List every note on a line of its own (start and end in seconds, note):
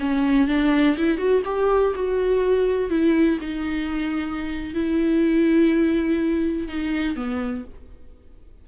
0.00 0.48 C#4
0.48 0.97 D4
0.98 1.18 E4
1.18 1.43 F#4
1.45 1.94 G4
1.95 2.90 F#4
2.90 3.39 E4
3.41 4.74 D#4
4.74 6.69 E4
6.69 7.16 D#4
7.16 7.65 B3